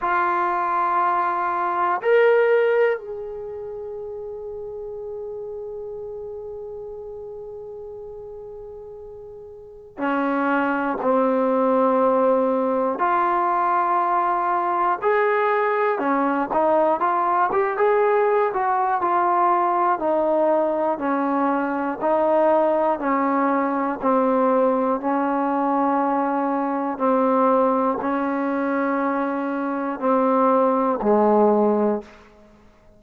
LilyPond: \new Staff \with { instrumentName = "trombone" } { \time 4/4 \tempo 4 = 60 f'2 ais'4 gis'4~ | gis'1~ | gis'2 cis'4 c'4~ | c'4 f'2 gis'4 |
cis'8 dis'8 f'8 g'16 gis'8. fis'8 f'4 | dis'4 cis'4 dis'4 cis'4 | c'4 cis'2 c'4 | cis'2 c'4 gis4 | }